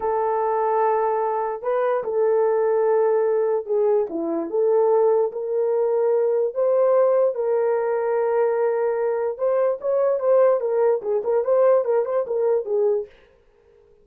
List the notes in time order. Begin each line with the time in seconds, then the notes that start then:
0.00 A4
1.62 B4
2.03 A4
3.66 G#4
4.09 E4
4.50 A4
5.32 A#4
6.54 C5
7.34 A#4
9.37 C5
9.81 C#5
10.19 C5
10.60 A#4
11.01 G#4
11.24 A#4
11.44 C5
11.84 A#4
12.05 C5
12.27 A#4
12.65 G#4